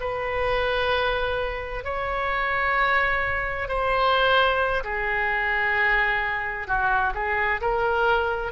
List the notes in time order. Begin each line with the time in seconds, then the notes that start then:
0.00 B4
1.84 C#5
3.68 C5
4.83 G#4
6.67 F#4
7.14 G#4
7.61 A#4